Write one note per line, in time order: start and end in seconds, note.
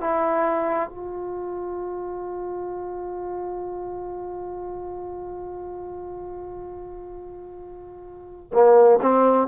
0.00 0.89 E4
0.89 8.50 F4
8.53 8.99 A#3
9.01 9.47 C4